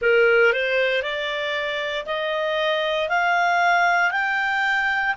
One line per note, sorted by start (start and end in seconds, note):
0.01 0.53 A#4
0.53 1.02 C5
1.02 2.05 D5
2.05 3.08 D#5
3.08 4.11 F5
4.11 5.14 G5